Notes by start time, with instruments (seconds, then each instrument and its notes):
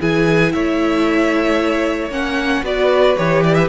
0.00 cello E3, viola E4, violin G#4 G#5
0.52 cello A3, violin C#5 E5
2.10 cello A#3, viola C#4, violin F#5
2.63 cello B3, viola F#4, violin B4 D5
3.17 cello E3, viola G4, violin C#5
3.44 violin D5
3.55 violin E5